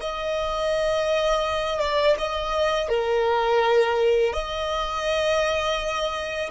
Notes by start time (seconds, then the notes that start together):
0.00 D#5
1.80 D5
2.18 D#5
2.88 A#4
4.33 D#5